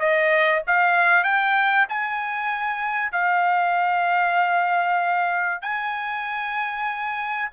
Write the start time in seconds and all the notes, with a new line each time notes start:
0.00 D#5
0.68 F5
1.24 G5
1.89 G#5
3.12 F5
5.62 G#5